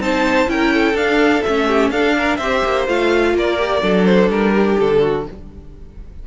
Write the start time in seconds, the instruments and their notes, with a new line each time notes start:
0.00 cello C4, viola D#4, violin C5 A5
0.47 cello C#4, viola E4, violin A#4 G5
0.74 violin A4
0.94 cello D4, viola D4, violin F5
1.43 cello A3, viola C#4, violin E5
1.68 violin G4
1.90 cello D4, viola D4, violin A4 F5
2.18 violin A#4
2.37 cello C4, viola G4, violin C5 E5
2.65 cello A#3
2.87 cello A3, viola F4, violin F5
3.35 cello A#3, violin A#4 D5
3.58 viola G4
3.81 cello F#3, viola D4, violin A4
4.06 violin C5
4.29 cello G3, violin A#4
4.54 violin G4
4.80 cello D3, violin A4
5.01 violin F#4